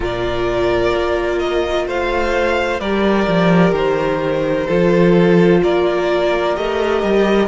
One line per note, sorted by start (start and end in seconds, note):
0.00 0.92 A#2
0.00 2.79 F4
0.00 1.87 A#4
0.00 1.38 D5
0.94 1.86 A#3
1.38 1.85 D#5
1.86 2.80 A3
1.86 2.80 C5
1.86 2.80 F5
2.80 3.27 G3
2.80 4.68 G4
2.80 4.67 A#4
2.80 3.73 D5
3.27 3.71 F3
3.71 4.65 D#3
3.71 5.63 C5
4.67 5.62 F3
4.67 6.55 F4
4.67 5.61 A4
5.63 6.56 A#3
5.63 7.47 A#4
5.63 6.56 D5
6.55 7.02 A3
6.55 7.47 G4
6.55 7.47 D#5
7.02 7.47 G3